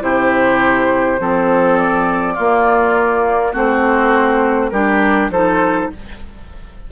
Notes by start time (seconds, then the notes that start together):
0.00 C3 E4 G4 C5
1.19 F3 C4 A4
1.77 D5
2.34 A#3 F4
3.52 A3 C4 F#4 C5
4.70 G3 D4 G4 A#4
5.29 F3 D#4 A4 C5